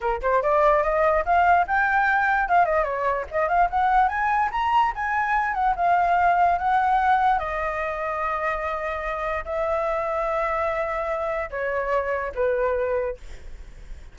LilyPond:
\new Staff \with { instrumentName = "flute" } { \time 4/4 \tempo 4 = 146 ais'8 c''8 d''4 dis''4 f''4 | g''2 f''8 dis''8 cis''4 | dis''8 f''8 fis''4 gis''4 ais''4 | gis''4. fis''8 f''2 |
fis''2 dis''2~ | dis''2. e''4~ | e''1 | cis''2 b'2 | }